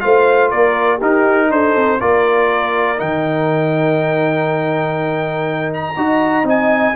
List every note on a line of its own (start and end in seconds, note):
0.00 0.52 A3
0.00 1.00 F4
0.00 0.50 C5
0.00 0.50 F5
0.50 1.01 A#3
0.50 0.97 A#4
0.50 1.00 D5
0.97 1.50 D#4
0.97 2.00 D#4
0.97 1.46 G4
0.97 1.51 A#4
1.50 1.74 D4
1.50 2.00 A4
1.50 2.00 C5
1.75 2.00 C4
2.00 3.00 A#3
2.00 2.96 F4
2.00 5.97 A#4
2.00 3.00 D5
2.96 5.96 D#3
2.96 5.94 D#4
2.96 5.73 G5
5.73 6.48 A#5
5.96 6.43 D#4
5.96 6.44 F#4
5.96 6.96 D#5
6.43 6.93 C4
6.43 6.93 D#4
6.43 6.96 G#5